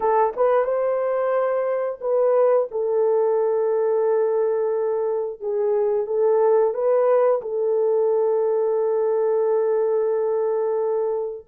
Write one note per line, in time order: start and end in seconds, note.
0.00 0.33 A4
0.36 0.64 B4
0.64 1.99 C5
2.00 2.68 B4
2.71 5.40 A4
5.40 6.06 G#4
6.06 6.74 A4
6.74 7.41 B4
7.41 11.46 A4